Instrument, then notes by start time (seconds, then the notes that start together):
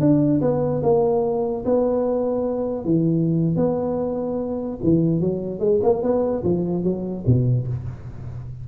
tuba
0.00 D4
0.41 B3
0.83 A#3
1.65 B3
2.85 E3
3.56 B3
4.83 E3
5.20 F#3
5.60 G#3
5.83 A#3
6.02 B3
6.44 F3
6.84 F#3
7.26 B2